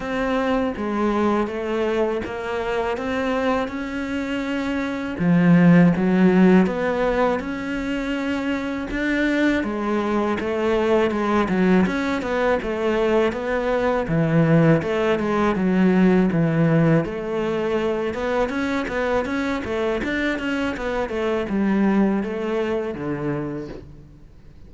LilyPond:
\new Staff \with { instrumentName = "cello" } { \time 4/4 \tempo 4 = 81 c'4 gis4 a4 ais4 | c'4 cis'2 f4 | fis4 b4 cis'2 | d'4 gis4 a4 gis8 fis8 |
cis'8 b8 a4 b4 e4 | a8 gis8 fis4 e4 a4~ | a8 b8 cis'8 b8 cis'8 a8 d'8 cis'8 | b8 a8 g4 a4 d4 | }